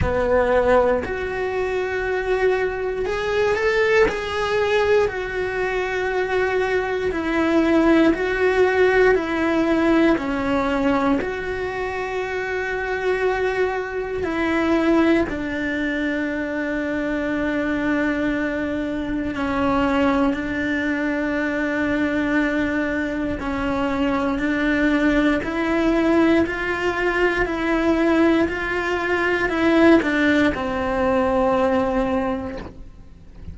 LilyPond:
\new Staff \with { instrumentName = "cello" } { \time 4/4 \tempo 4 = 59 b4 fis'2 gis'8 a'8 | gis'4 fis'2 e'4 | fis'4 e'4 cis'4 fis'4~ | fis'2 e'4 d'4~ |
d'2. cis'4 | d'2. cis'4 | d'4 e'4 f'4 e'4 | f'4 e'8 d'8 c'2 | }